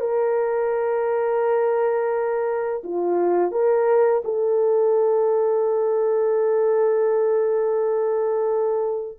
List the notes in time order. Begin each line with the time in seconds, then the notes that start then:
0.00 A#4
2.83 F4
3.52 A#4
4.24 A4